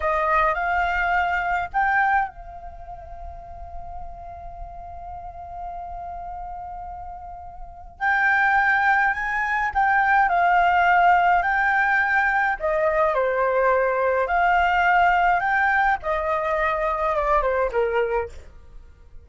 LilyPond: \new Staff \with { instrumentName = "flute" } { \time 4/4 \tempo 4 = 105 dis''4 f''2 g''4 | f''1~ | f''1~ | f''2 g''2 |
gis''4 g''4 f''2 | g''2 dis''4 c''4~ | c''4 f''2 g''4 | dis''2 d''8 c''8 ais'4 | }